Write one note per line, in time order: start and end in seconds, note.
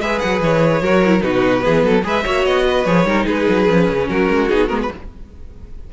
0.00 0.20 G#3
0.00 0.84 G#4
0.00 0.82 B4
0.00 0.20 E5
0.20 0.41 F#3
0.20 0.40 F#5
0.41 0.81 E3
0.41 1.22 C#5
0.81 1.22 F#3
0.81 1.04 F#4
0.81 1.23 A#4
1.06 1.20 E4
1.20 1.64 B2
1.20 1.61 D#4
1.20 1.64 F#4
1.20 2.03 B4
1.61 1.83 E3
1.61 2.02 B3
1.61 1.85 G#4
1.83 2.04 F#3
1.83 2.05 A4
2.03 2.25 G#3
2.03 2.24 G#4
2.03 2.24 B4
2.03 2.45 E5
2.24 2.45 A#3
2.24 2.85 F#4
2.24 2.65 C#5
2.45 2.86 B3
2.45 2.85 D#5
2.67 3.07 B4
2.85 3.05 F3
2.85 3.07 G#4
2.85 3.26 C#5
3.05 3.25 G3
3.05 3.68 D#4
3.05 3.25 A#4
3.25 3.48 G#3
3.25 4.07 G#4
3.25 4.08 B4
3.49 3.69 F#3
3.69 3.89 F3
3.69 4.49 C#4
3.89 4.10 C#3
4.09 4.29 F#3
4.09 4.92 F#4
4.09 4.49 A#4
4.29 4.50 G#3
4.49 4.71 B3
4.49 4.68 D#4
4.49 4.69 G#4
4.68 4.91 G#3
4.68 4.88 B3
4.68 4.79 A#4
4.83 4.93 B4